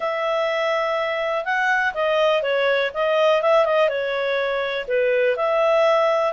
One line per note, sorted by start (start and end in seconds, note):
0.00 1.44 E5
1.44 1.93 F#5
1.94 2.42 D#5
2.42 2.91 C#5
2.94 3.42 D#5
3.42 3.65 E5
3.65 3.88 D#5
3.88 4.86 C#5
4.87 5.36 B4
5.36 6.33 E5